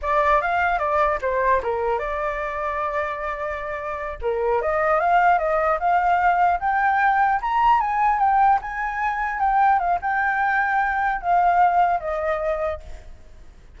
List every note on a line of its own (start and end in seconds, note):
0.02 0.41 D5
0.41 0.78 F5
0.78 1.18 D5
1.21 1.61 C5
1.62 1.99 A#4
1.99 4.19 D5
4.21 4.61 A#4
4.61 5.00 D#5
5.00 5.38 F5
5.38 5.78 D#5
5.79 6.59 F5
6.59 7.39 G5
7.41 7.80 A#5
7.80 8.19 G#5
8.19 8.59 G5
8.61 9.39 G#5
9.39 9.79 G5
9.79 9.99 F5
10.01 11.21 G5
11.21 12.00 F5
12.00 12.80 D#5